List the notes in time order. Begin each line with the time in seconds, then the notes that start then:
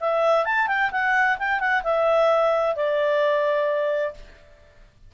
0.00 E5
0.45 A5
0.67 G5
0.91 F#5
1.38 G5
1.59 F#5
1.83 E5
2.75 D5